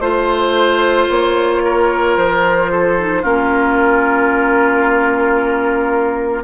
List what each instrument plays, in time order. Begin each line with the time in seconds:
0.00 bassoon A3, clarinet F4, flute C5, oboe C5
1.10 bassoon A#3, flute C#5
1.65 oboe A#4
2.17 bassoon F3, flute C5
2.72 oboe A4
2.99 clarinet D#4
3.22 bassoon A#3, clarinet C#4, oboe F4, flute A#4